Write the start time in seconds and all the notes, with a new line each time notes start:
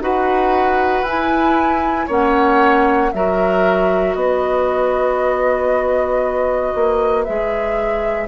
0.00 D#4 F#4 B4 F#5
1.03 E4 G#5
2.07 A#3 C#4 C#5 F#5
3.12 F#3 F#4 A#4 E5
4.15 B3 B4 D#5
6.75 A#3
7.24 G#3 G#4 E5